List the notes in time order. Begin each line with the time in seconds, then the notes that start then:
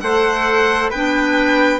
0.00 A3 A4 C5 F#5
0.90 B3 D4 B4 G5